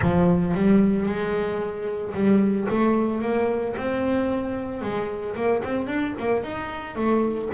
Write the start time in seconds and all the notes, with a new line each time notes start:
0.01 F3
0.54 G3
1.06 G#3
2.13 G3
2.69 A3
3.21 A#3
3.76 C4
4.81 G#3
5.35 A#3
5.64 C4
5.87 D4
6.19 A#3
6.43 D#4
6.95 A3